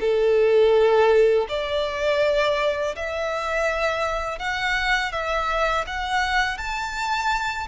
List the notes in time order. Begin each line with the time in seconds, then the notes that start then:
0.00 A4
1.48 D5
2.95 E5
4.38 F#5
5.12 E5
5.87 F#5
6.57 A5